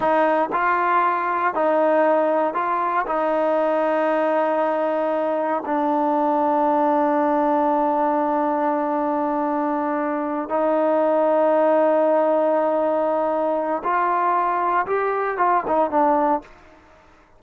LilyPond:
\new Staff \with { instrumentName = "trombone" } { \time 4/4 \tempo 4 = 117 dis'4 f'2 dis'4~ | dis'4 f'4 dis'2~ | dis'2. d'4~ | d'1~ |
d'1~ | d'8 dis'2.~ dis'8~ | dis'2. f'4~ | f'4 g'4 f'8 dis'8 d'4 | }